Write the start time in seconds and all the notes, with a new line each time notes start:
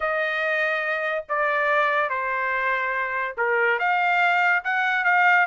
0.00 D#5
1.28 D5
2.09 C5
3.37 A#4
3.79 F5
4.64 F#5
5.04 F5